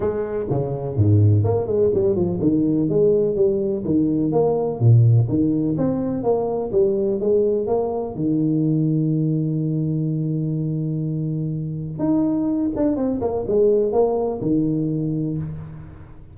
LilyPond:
\new Staff \with { instrumentName = "tuba" } { \time 4/4 \tempo 4 = 125 gis4 cis4 gis,4 ais8 gis8 | g8 f8 dis4 gis4 g4 | dis4 ais4 ais,4 dis4 | c'4 ais4 g4 gis4 |
ais4 dis2.~ | dis1~ | dis4 dis'4. d'8 c'8 ais8 | gis4 ais4 dis2 | }